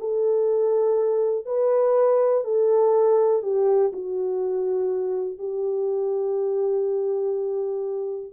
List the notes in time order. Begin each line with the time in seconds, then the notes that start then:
0.00 A4
1.46 B4
2.44 A4
3.43 G4
3.93 F#4
5.39 G4